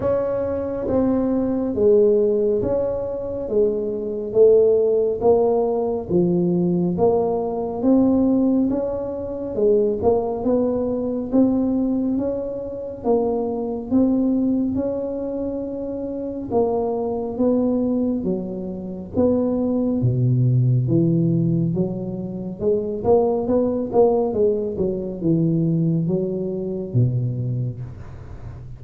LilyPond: \new Staff \with { instrumentName = "tuba" } { \time 4/4 \tempo 4 = 69 cis'4 c'4 gis4 cis'4 | gis4 a4 ais4 f4 | ais4 c'4 cis'4 gis8 ais8 | b4 c'4 cis'4 ais4 |
c'4 cis'2 ais4 | b4 fis4 b4 b,4 | e4 fis4 gis8 ais8 b8 ais8 | gis8 fis8 e4 fis4 b,4 | }